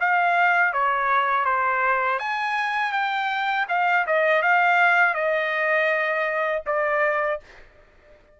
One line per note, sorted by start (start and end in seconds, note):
0.00 0.73 F5
0.73 1.45 C#5
1.45 2.19 C5
2.19 2.92 G#5
2.92 3.66 G5
3.68 4.05 F5
4.06 4.42 D#5
4.42 5.14 F5
5.14 6.62 D#5
6.66 7.40 D5